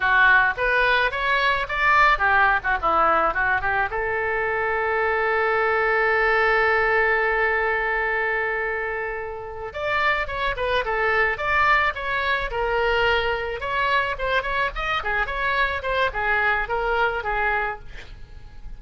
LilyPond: \new Staff \with { instrumentName = "oboe" } { \time 4/4 \tempo 4 = 108 fis'4 b'4 cis''4 d''4 | g'8. fis'16 e'4 fis'8 g'8 a'4~ | a'1~ | a'1~ |
a'4. d''4 cis''8 b'8 a'8~ | a'8 d''4 cis''4 ais'4.~ | ais'8 cis''4 c''8 cis''8 dis''8 gis'8 cis''8~ | cis''8 c''8 gis'4 ais'4 gis'4 | }